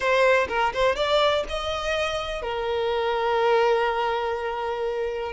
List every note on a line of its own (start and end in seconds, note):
0.00 0.47 C5
0.48 0.72 A#4
0.73 0.95 C5
0.95 1.44 D5
1.48 2.41 D#5
2.41 5.32 A#4